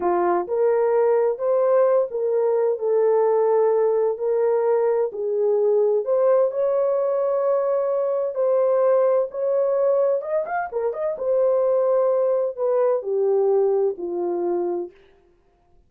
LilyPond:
\new Staff \with { instrumentName = "horn" } { \time 4/4 \tempo 4 = 129 f'4 ais'2 c''4~ | c''8 ais'4. a'2~ | a'4 ais'2 gis'4~ | gis'4 c''4 cis''2~ |
cis''2 c''2 | cis''2 dis''8 f''8 ais'8 dis''8 | c''2. b'4 | g'2 f'2 | }